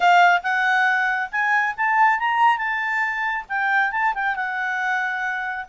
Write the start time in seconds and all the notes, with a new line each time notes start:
0.00 F5
0.42 F#5
1.31 G#5
1.76 A5
2.19 A#5
2.57 A5
3.49 G5
3.91 A5
4.14 G5
4.35 F#5